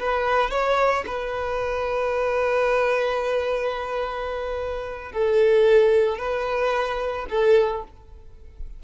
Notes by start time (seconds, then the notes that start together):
0.00 B4
0.51 C#5
1.07 B4
5.13 A4
6.19 B4
7.30 A4